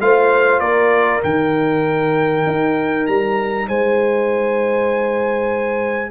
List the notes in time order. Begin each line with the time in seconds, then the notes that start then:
0.00 A3 F4 C5 F5
0.60 A#3 A#4 D5
1.22 D#3 D#4 G5
2.46 D#4
3.06 G3 A#5
3.68 G#3 C5 G#5